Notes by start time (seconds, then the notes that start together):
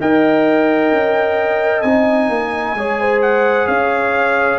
0.00 D#4 A#4 D#5 G5
0.91 C#4
1.82 C4 D#4 G#5
2.29 A#3
2.74 G#3 G#4 C#5
3.00 C5
3.22 F#5
3.67 C#4 C#5 F5